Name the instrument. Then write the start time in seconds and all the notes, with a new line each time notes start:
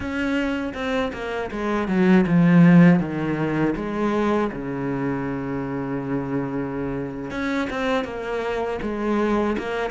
cello
0.00 C#4
0.74 C4
1.12 A#3
1.51 G#3
1.88 F#3
2.26 F3
2.99 D#3
3.75 G#3
4.52 C#3
7.30 C#4
7.70 C4
8.04 A#3
8.82 G#3
9.58 A#3